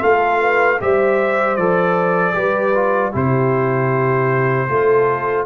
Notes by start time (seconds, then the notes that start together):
0.00 A3 F4 A4 F5
0.41 B4
0.80 G3 G4 C5 E5
1.56 F3 A4 D5
2.34 G3 G4 B4
2.75 F4
3.12 C3 E4 G4 C5
4.69 A3 F4 A4